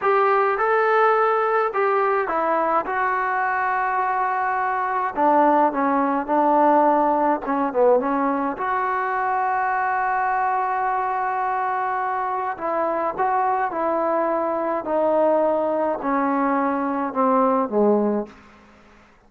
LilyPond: \new Staff \with { instrumentName = "trombone" } { \time 4/4 \tempo 4 = 105 g'4 a'2 g'4 | e'4 fis'2.~ | fis'4 d'4 cis'4 d'4~ | d'4 cis'8 b8 cis'4 fis'4~ |
fis'1~ | fis'2 e'4 fis'4 | e'2 dis'2 | cis'2 c'4 gis4 | }